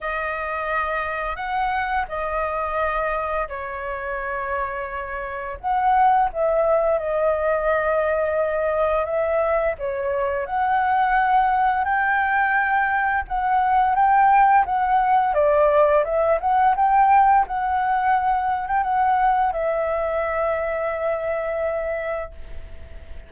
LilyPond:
\new Staff \with { instrumentName = "flute" } { \time 4/4 \tempo 4 = 86 dis''2 fis''4 dis''4~ | dis''4 cis''2. | fis''4 e''4 dis''2~ | dis''4 e''4 cis''4 fis''4~ |
fis''4 g''2 fis''4 | g''4 fis''4 d''4 e''8 fis''8 | g''4 fis''4.~ fis''16 g''16 fis''4 | e''1 | }